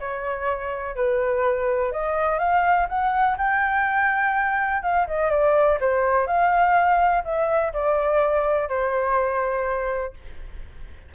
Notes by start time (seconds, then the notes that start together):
0.00 C#5
0.96 B4
1.92 D#5
2.39 F5
2.89 F#5
3.38 G5
4.83 F5
5.07 D#5
5.30 D5
5.81 C5
6.27 F5
7.25 E5
7.74 D5
8.69 C5